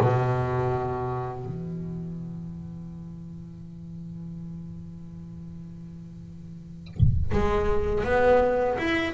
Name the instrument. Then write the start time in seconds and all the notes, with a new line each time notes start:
double bass
0.00 B2
1.45 E3
7.32 G#3
8.04 B3
8.78 E4